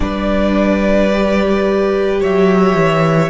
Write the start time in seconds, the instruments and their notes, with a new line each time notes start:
0.00 cello G3, viola D4, violin B4 D5
1.12 viola G4
2.20 cello F#3, violin C#5 E5
2.75 cello E3